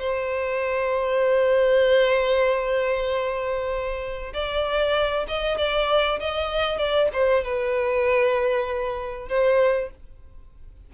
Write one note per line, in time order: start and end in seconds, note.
0.00 4.33 C5
4.33 5.26 D5
5.28 5.58 D#5
5.58 6.20 D5
6.20 6.78 D#5
6.78 7.09 D5
7.13 7.44 C5
7.44 9.28 B4
9.28 9.90 C5